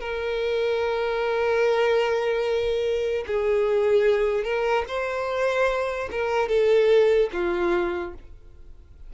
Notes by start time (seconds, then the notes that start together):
0.00 A#4
3.27 G#4
4.44 A#4
4.88 C5
6.11 A#4
6.49 A4
7.33 F4